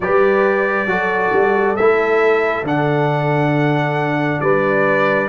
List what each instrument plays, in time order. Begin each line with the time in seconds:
0.00 tuba G3, trombone G4, horn B4, trumpet D5
0.85 tuba F#3, trombone F#4, horn A4
1.33 tuba G3
1.76 tuba A3, trombone E4, trumpet E5
2.63 tuba D3, trombone D4, trumpet F#5
4.40 tuba G3, horn B4, trumpet D5